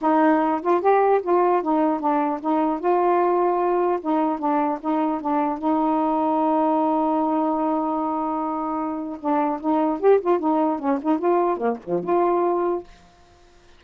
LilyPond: \new Staff \with { instrumentName = "saxophone" } { \time 4/4 \tempo 4 = 150 dis'4. f'8 g'4 f'4 | dis'4 d'4 dis'4 f'4~ | f'2 dis'4 d'4 | dis'4 d'4 dis'2~ |
dis'1~ | dis'2. d'4 | dis'4 g'8 f'8 dis'4 cis'8 dis'8 | f'4 ais8 f8 f'2 | }